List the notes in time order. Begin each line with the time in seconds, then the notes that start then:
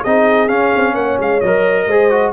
0.00 C4 D#4 G#4 D#5
0.48 C#4 F5
0.76 C4
0.93 A#3 C#5 F#5
1.19 G#3 F5
1.40 F#3 D#5
1.46 A#4
1.86 G#3 G#4 C5
2.10 F#4